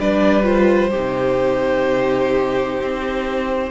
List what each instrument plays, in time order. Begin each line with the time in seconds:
0.00 cello G3, viola D4, violin B4 D5
0.44 viola F4, violin C5
0.90 cello C3, viola D#4, violin G4
2.81 cello C4